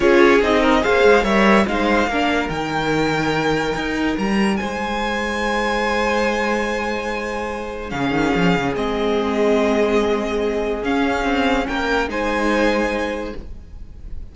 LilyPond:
<<
  \new Staff \with { instrumentName = "violin" } { \time 4/4 \tempo 4 = 144 cis''4 dis''4 f''4 e''4 | f''2 g''2~ | g''2 ais''4 gis''4~ | gis''1~ |
gis''2. f''4~ | f''4 dis''2.~ | dis''2 f''2 | g''4 gis''2. | }
  \new Staff \with { instrumentName = "violin" } { \time 4/4 gis'4. ais'8 c''4 cis''4 | c''4 ais'2.~ | ais'2. c''4~ | c''1~ |
c''2. gis'4~ | gis'1~ | gis'1 | ais'4 c''2. | }
  \new Staff \with { instrumentName = "viola" } { \time 4/4 f'4 dis'4 gis'4 ais'4 | dis'4 d'4 dis'2~ | dis'1~ | dis'1~ |
dis'2. cis'4~ | cis'4 c'2.~ | c'2 cis'2~ | cis'4 dis'2. | }
  \new Staff \with { instrumentName = "cello" } { \time 4/4 cis'4 c'4 ais8 gis8 g4 | gis4 ais4 dis2~ | dis4 dis'4 g4 gis4~ | gis1~ |
gis2. cis8 dis8 | f8 cis8 gis2.~ | gis2 cis'4 c'4 | ais4 gis2. | }
>>